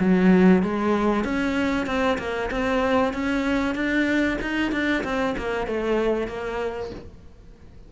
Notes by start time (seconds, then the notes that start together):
0.00 F#3
0.63 G#3
1.25 C#4
1.86 C4
2.18 A#3
2.51 C4
3.14 C#4
3.75 D4
4.42 D#4
4.72 D4
5.04 C4
5.38 A#3
5.68 A3
6.28 A#3